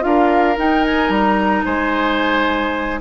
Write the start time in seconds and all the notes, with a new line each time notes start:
0.00 D4 F4 A#4 F5
0.57 D#4 G5
0.84 G#5
1.09 G3 A#5
1.65 G#3 C5 G#5